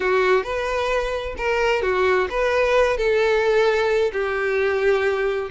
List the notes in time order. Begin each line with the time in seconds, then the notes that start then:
0.00 F#4
0.43 B4
1.37 A#4
1.82 F#4
2.30 B4
2.97 A4
4.12 G4